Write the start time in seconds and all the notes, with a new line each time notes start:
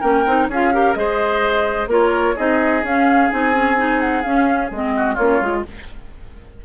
0.00 A#3 C#4 A#4 G5
0.26 C4 D#4
0.48 C#4 F4 G#4 F5
0.72 G4 A#4
0.94 G#3 G#4 C5 D#5
1.87 A#3 F4 A#4 C#5
2.35 C4 D#4 G#4 D#5
2.83 C#4 F5
3.30 C4 D#4 G#5
3.52 C#4
3.77 D#4
4.00 F#5
4.22 C#4 F5
4.70 G#3 C4 D#5
4.96 F#4
5.14 A#3 C#4 F4 C#5
5.40 G#3 F4